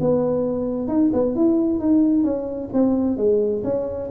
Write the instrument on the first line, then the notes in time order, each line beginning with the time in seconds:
tuba
0.00 B3
0.87 D#4
1.13 B3
1.35 E4
1.79 D#4
2.24 C#4
2.73 C4
3.17 G#3
3.64 C#4